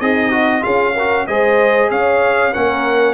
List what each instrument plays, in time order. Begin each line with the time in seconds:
0.00 tuba C4, horn D#4, trombone G#4, trumpet D#5
0.31 trombone F#4
0.61 tuba C#4, trombone F4, horn G#4, trumpet F5
0.94 trombone F#4, horn A#4
1.27 tuba G#3, trombone G#4, horn C5, trumpet D#5
1.90 tuba C#4, horn C#5, trumpet F5
2.52 tuba A#3, trombone C#4, horn A#4, trumpet F#5